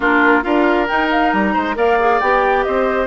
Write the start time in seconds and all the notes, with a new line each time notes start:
0.00 A#3 D4 F4 A#4
0.42 D4 F4 A#4 F5
0.87 D#4 G5
1.10 F5
1.32 G3 A#5
1.53 G#3 C5
1.75 A#3 A#4 D5 F5
1.99 G#4
2.20 B3 G4 G5
2.63 C4 C5 D#5